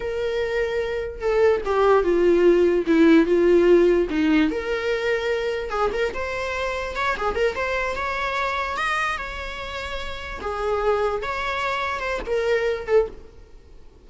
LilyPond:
\new Staff \with { instrumentName = "viola" } { \time 4/4 \tempo 4 = 147 ais'2. a'4 | g'4 f'2 e'4 | f'2 dis'4 ais'4~ | ais'2 gis'8 ais'8 c''4~ |
c''4 cis''8 gis'8 ais'8 c''4 cis''8~ | cis''4. dis''4 cis''4.~ | cis''4. gis'2 cis''8~ | cis''4. c''8 ais'4. a'8 | }